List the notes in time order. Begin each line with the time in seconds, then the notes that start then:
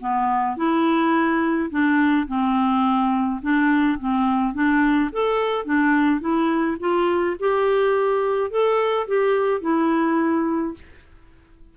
0.00 B3
0.56 E4
1.70 D4
2.27 C4
3.42 D4
3.99 C4
4.53 D4
5.12 A4
5.65 D4
6.20 E4
6.80 F4
7.39 G4
8.50 A4
9.07 G4
9.61 E4